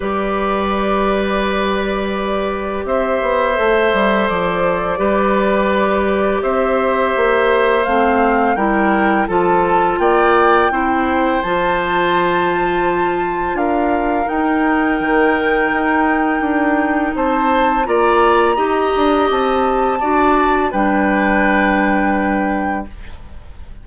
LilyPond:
<<
  \new Staff \with { instrumentName = "flute" } { \time 4/4 \tempo 4 = 84 d''1 | e''2 d''2~ | d''4 e''2 f''4 | g''4 a''4 g''2 |
a''2. f''4 | g''1 | a''4 ais''2 a''4~ | a''4 g''2. | }
  \new Staff \with { instrumentName = "oboe" } { \time 4/4 b'1 | c''2. b'4~ | b'4 c''2. | ais'4 a'4 d''4 c''4~ |
c''2. ais'4~ | ais'1 | c''4 d''4 dis''2 | d''4 b'2. | }
  \new Staff \with { instrumentName = "clarinet" } { \time 4/4 g'1~ | g'4 a'2 g'4~ | g'2. c'4 | e'4 f'2 e'4 |
f'1 | dis'1~ | dis'4 f'4 g'2 | fis'4 d'2. | }
  \new Staff \with { instrumentName = "bassoon" } { \time 4/4 g1 | c'8 b8 a8 g8 f4 g4~ | g4 c'4 ais4 a4 | g4 f4 ais4 c'4 |
f2. d'4 | dis'4 dis4 dis'4 d'4 | c'4 ais4 dis'8 d'8 c'4 | d'4 g2. | }
>>